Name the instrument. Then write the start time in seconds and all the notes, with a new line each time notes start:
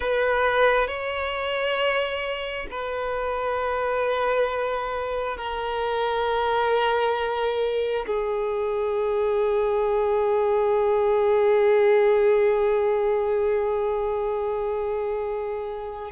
violin
0.00 B4
0.87 C#5
2.70 B4
5.37 A#4
8.06 G#4